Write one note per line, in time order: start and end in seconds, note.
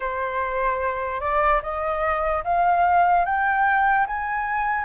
0.00 1.20 C5
1.20 1.61 D5
1.62 2.43 D#5
2.44 3.25 F5
3.25 4.06 G5
4.06 4.84 G#5